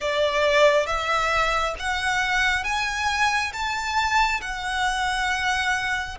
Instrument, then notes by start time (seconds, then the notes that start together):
violin
0.00 D5
0.86 E5
1.79 F#5
2.64 G#5
3.52 A5
4.41 F#5